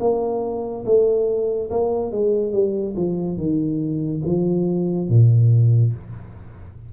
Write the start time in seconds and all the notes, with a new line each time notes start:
0.00 A#3
0.85 A3
1.71 A#3
2.12 G#3
2.52 G3
2.97 F3
3.37 D#3
4.26 F3
5.09 A#2